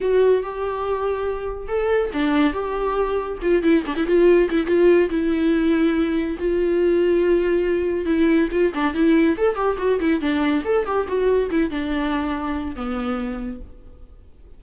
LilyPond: \new Staff \with { instrumentName = "viola" } { \time 4/4 \tempo 4 = 141 fis'4 g'2. | a'4 d'4 g'2 | f'8 e'8 d'16 e'16 f'4 e'8 f'4 | e'2. f'4~ |
f'2. e'4 | f'8 d'8 e'4 a'8 g'8 fis'8 e'8 | d'4 a'8 g'8 fis'4 e'8 d'8~ | d'2 b2 | }